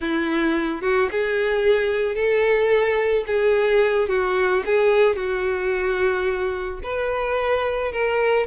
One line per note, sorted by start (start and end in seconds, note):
0.00 0.81 E4
0.81 1.09 F#4
1.11 2.15 G#4
2.15 3.24 A4
3.27 4.08 G#4
4.08 4.63 F#4
4.65 5.16 G#4
5.16 6.79 F#4
6.83 7.91 B4
7.91 8.46 A#4